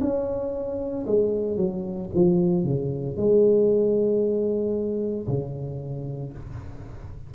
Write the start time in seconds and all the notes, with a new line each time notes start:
0.00 C#4
1.06 G#3
1.56 F#3
2.14 F3
2.64 C#3
3.17 G#3
5.27 C#3